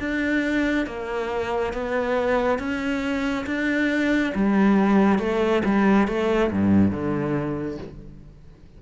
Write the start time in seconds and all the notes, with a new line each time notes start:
0.00 D4
0.87 A#3
1.74 B3
2.59 C#4
3.47 D4
4.36 G3
5.19 A3
5.65 G3
6.08 A3
6.52 G2
6.91 D3